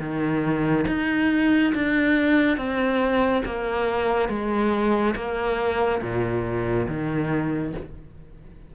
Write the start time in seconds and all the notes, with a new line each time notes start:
0.00 D#3
0.88 D#4
1.75 D4
2.58 C4
3.46 A#3
4.29 G#3
5.16 A#3
6.02 A#2
6.88 D#3